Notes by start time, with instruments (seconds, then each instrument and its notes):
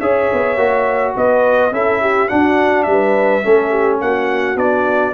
0.00 tuba C#4, trombone G#4, horn C#5, trumpet E5
0.33 tuba B3
0.57 tuba A#3, trombone F#4
1.16 tuba B3, horn B4, trumpet D#5
1.72 tuba C#4, trombone E4, horn A4, trumpet E5
2.01 horn G4
2.29 trombone D4, tuba D4, horn F#4, trumpet F#5
2.83 tuba G3, trumpet E5
2.91 horn B4
3.43 tuba A3, trombone C#4, horn A4
3.71 horn G4
4.01 tuba A#3, horn F#4, trumpet F#5
4.56 tuba B3, trombone D4, trumpet D5